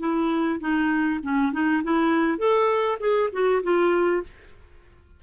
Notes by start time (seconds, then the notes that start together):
0.00 E4
0.61 D#4
1.23 C#4
1.53 D#4
1.84 E4
2.39 A4
3.00 G#4
3.33 F#4
3.63 F4